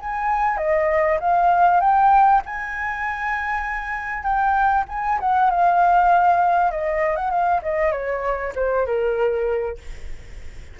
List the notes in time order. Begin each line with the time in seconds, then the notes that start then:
0.00 G#5
0.57 D#5
1.21 F5
1.81 G5
2.46 G#5
4.24 G5
4.89 G#5
5.20 F#5
5.51 F5
6.72 D#5
7.16 F#5
7.31 F5
7.63 D#5
7.92 C#5
8.56 C5
8.86 A#4